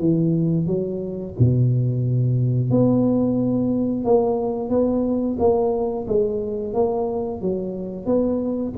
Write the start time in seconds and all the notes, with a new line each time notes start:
0.00 E3
0.67 F#3
1.39 B2
2.71 B3
4.05 A#3
4.70 B3
5.39 A#3
6.08 G#3
6.74 A#3
7.42 F#3
8.06 B3